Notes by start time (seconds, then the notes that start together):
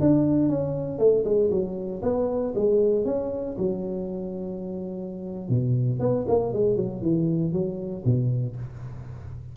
0.00 D4
0.48 C#4
0.98 A3
1.24 G#3
1.50 F#3
2.02 B3
2.55 G#3
3.05 C#4
3.58 F#3
5.48 B2
5.99 B3
6.28 A#3
6.53 G#3
6.76 F#3
7.01 E3
7.52 F#3
8.05 B2